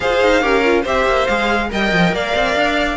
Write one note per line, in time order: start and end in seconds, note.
0.00 0.22 F4
0.00 0.42 G#4
0.00 0.42 C5
0.00 0.85 F5
0.22 0.42 D#4
0.42 0.84 C#4
0.42 0.63 G4
0.42 0.82 A#4
0.64 0.85 F4
0.82 1.05 C4
0.82 1.28 G4
0.82 1.67 C5
0.82 1.27 E5
1.05 1.26 A#3
1.27 1.71 G#3
1.27 1.68 G#4
1.27 1.69 F5
1.68 1.92 G3
1.68 2.96 A#4
1.68 2.14 D#5
1.68 2.14 G5
1.92 2.12 F3
2.12 2.33 A#3
2.12 2.96 D5
2.12 2.96 F5
2.35 2.55 C4
2.55 2.96 D4